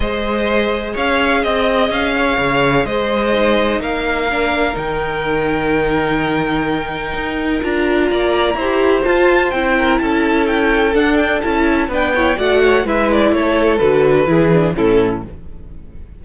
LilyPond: <<
  \new Staff \with { instrumentName = "violin" } { \time 4/4 \tempo 4 = 126 dis''2 f''4 dis''4 | f''2 dis''2 | f''2 g''2~ | g''1 |
ais''2. a''4 | g''4 a''4 g''4 fis''8 g''8 | a''4 g''4 fis''4 e''8 d''8 | cis''4 b'2 a'4 | }
  \new Staff \with { instrumentName = "violin" } { \time 4/4 c''2 cis''4 dis''4~ | dis''8 cis''4. c''2 | ais'1~ | ais'1~ |
ais'4 d''4 c''2~ | c''8 ais'8 a'2.~ | a'4 b'8 cis''8 d''8 cis''8 b'4 | a'2 gis'4 e'4 | }
  \new Staff \with { instrumentName = "viola" } { \time 4/4 gis'1~ | gis'2. dis'4~ | dis'4 d'4 dis'2~ | dis'1 |
f'2 g'4 f'4 | e'2. d'4 | e'4 d'8 e'8 fis'4 e'4~ | e'4 fis'4 e'8 d'8 cis'4 | }
  \new Staff \with { instrumentName = "cello" } { \time 4/4 gis2 cis'4 c'4 | cis'4 cis4 gis2 | ais2 dis2~ | dis2. dis'4 |
d'4 ais4 e'4 f'4 | c'4 cis'2 d'4 | cis'4 b4 a4 gis4 | a4 d4 e4 a,4 | }
>>